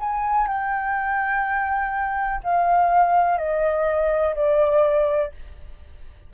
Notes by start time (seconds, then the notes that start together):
0.00 G#5
0.48 G5
2.44 F5
3.38 D#5
4.35 D5